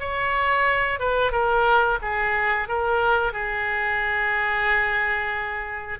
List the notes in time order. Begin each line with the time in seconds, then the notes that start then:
0.00 C#5
0.99 B4
1.32 A#4
2.02 G#4
2.68 A#4
3.32 G#4